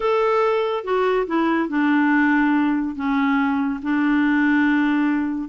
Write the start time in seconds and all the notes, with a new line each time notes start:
0.00 A4
0.84 F#4
1.27 E4
1.68 D4
2.95 C#4
3.82 D4